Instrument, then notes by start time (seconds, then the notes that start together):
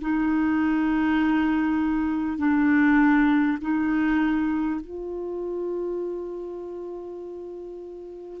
clarinet
0.00 D#4
2.38 D4
3.61 D#4
4.80 F4